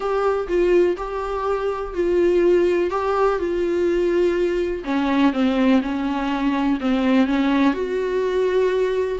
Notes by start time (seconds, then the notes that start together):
0.00 G4
0.48 F4
0.97 G4
1.94 F4
2.90 G4
3.38 F4
4.84 C#4
5.32 C4
5.82 C#4
6.80 C4
7.26 C#4
7.73 F#4